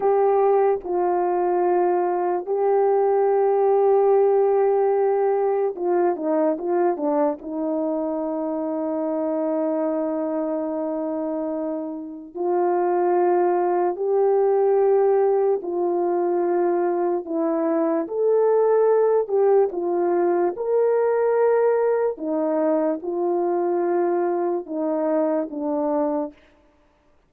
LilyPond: \new Staff \with { instrumentName = "horn" } { \time 4/4 \tempo 4 = 73 g'4 f'2 g'4~ | g'2. f'8 dis'8 | f'8 d'8 dis'2.~ | dis'2. f'4~ |
f'4 g'2 f'4~ | f'4 e'4 a'4. g'8 | f'4 ais'2 dis'4 | f'2 dis'4 d'4 | }